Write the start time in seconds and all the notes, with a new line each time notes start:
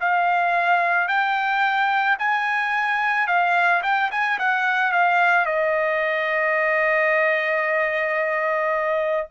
0.00 F5
1.08 G5
2.19 G#5
3.27 F5
3.83 G5
4.11 G#5
4.39 F#5
4.92 F5
5.45 D#5